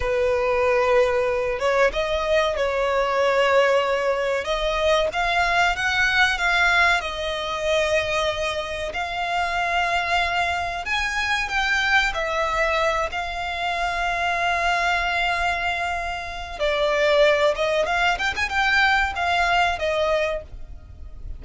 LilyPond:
\new Staff \with { instrumentName = "violin" } { \time 4/4 \tempo 4 = 94 b'2~ b'8 cis''8 dis''4 | cis''2. dis''4 | f''4 fis''4 f''4 dis''4~ | dis''2 f''2~ |
f''4 gis''4 g''4 e''4~ | e''8 f''2.~ f''8~ | f''2 d''4. dis''8 | f''8 g''16 gis''16 g''4 f''4 dis''4 | }